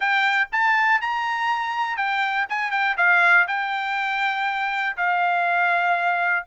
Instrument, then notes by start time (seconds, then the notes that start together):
trumpet
0.00 G5
0.52 A5
1.01 A#5
1.96 G5
2.49 G#5
2.71 G5
2.97 F5
3.47 G5
4.96 F5